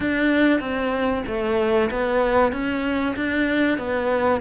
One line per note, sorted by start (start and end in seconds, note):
0.00 0.59 D4
0.59 1.23 C4
1.26 1.89 A3
1.90 2.52 B3
2.52 3.15 C#4
3.16 3.78 D4
3.78 4.40 B3